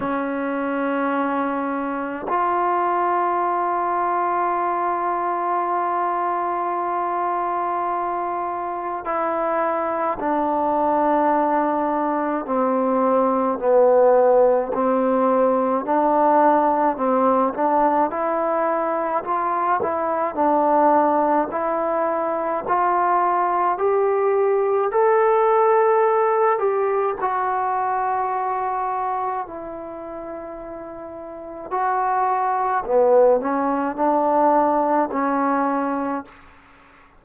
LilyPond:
\new Staff \with { instrumentName = "trombone" } { \time 4/4 \tempo 4 = 53 cis'2 f'2~ | f'1 | e'4 d'2 c'4 | b4 c'4 d'4 c'8 d'8 |
e'4 f'8 e'8 d'4 e'4 | f'4 g'4 a'4. g'8 | fis'2 e'2 | fis'4 b8 cis'8 d'4 cis'4 | }